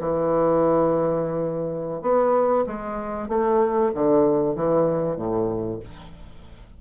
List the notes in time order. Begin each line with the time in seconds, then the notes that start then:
0.00 E3
2.02 B3
2.66 G#3
3.29 A3
3.94 D3
4.55 E3
5.17 A2